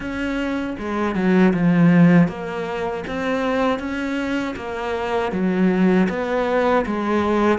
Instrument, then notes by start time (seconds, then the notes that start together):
cello
0.00 C#4
0.78 G#3
1.15 F#3
1.53 F3
2.28 A#3
3.07 C4
3.79 C#4
4.56 A#3
5.32 F#3
6.09 B3
6.86 G#3